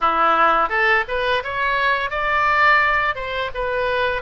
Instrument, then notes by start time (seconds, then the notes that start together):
oboe
0.00 E4
0.69 A4
1.08 B4
1.43 C#5
2.10 D5
3.15 C5
3.54 B4